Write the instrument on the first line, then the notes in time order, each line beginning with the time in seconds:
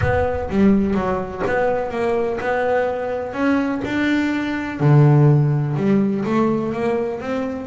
double bass
0.01 B3
0.49 G3
0.94 F#3
1.46 B3
1.90 A#3
2.40 B3
3.33 C#4
3.84 D4
4.80 D3
5.76 G3
6.25 A3
6.72 A#3
7.20 C4